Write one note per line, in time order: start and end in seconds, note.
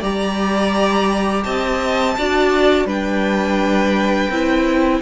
0.00 1.44 G3
0.00 2.17 G4
0.00 1.43 D5
0.00 1.43 A#5
1.43 2.17 C4
1.43 2.16 D#5
1.43 2.86 A5
2.18 2.85 D4
2.18 2.87 F#4
2.18 2.86 D5
2.85 4.28 G3
2.85 4.30 D4
2.85 5.00 B4
2.85 5.01 G5
4.30 5.01 C4
4.30 5.01 E4